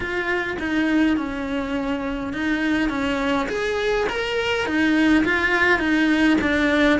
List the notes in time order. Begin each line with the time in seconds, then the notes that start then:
0.00 F4
0.59 D#4
1.17 C#4
2.33 D#4
2.89 C#4
3.48 G#4
4.09 A#4
4.65 D#4
5.24 F4
5.79 D#4
6.41 D4